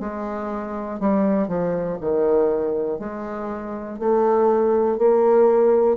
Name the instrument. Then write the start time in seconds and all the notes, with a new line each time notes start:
bassoon
0.00 G#3
1.00 G3
1.48 F3
2.00 D#3
3.00 G#3
3.99 A3
4.98 A#3